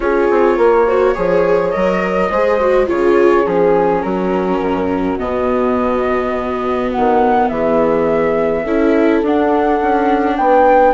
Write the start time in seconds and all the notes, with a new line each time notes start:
0.00 C#4 F4 G#4 C#5
0.30 C4
0.57 A#3 A#4
0.86 F#4 C5
1.15 F3 G#4 C#5
1.70 F#3 A#4 D#5
2.30 G#3 G#4 C5
2.60 F#4
2.86 C#3 F4 G#4 C#5
3.45 F3 C#4 G#4
4.02 F#3 F#4 A#4
4.59 F#2
5.18 B2 B3 D#5
6.91 D#3 F#5
7.48 E3 G#4 E5
8.63 C#4 E4 A4
9.22 D4 F#5
9.81 C#4
10.36 B3 B4 G5